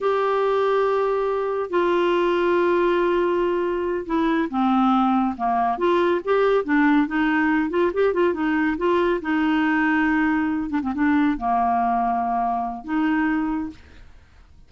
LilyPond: \new Staff \with { instrumentName = "clarinet" } { \time 4/4 \tempo 4 = 140 g'1 | f'1~ | f'4. e'4 c'4.~ | c'8 ais4 f'4 g'4 d'8~ |
d'8 dis'4. f'8 g'8 f'8 dis'8~ | dis'8 f'4 dis'2~ dis'8~ | dis'4 d'16 c'16 d'4 ais4.~ | ais2 dis'2 | }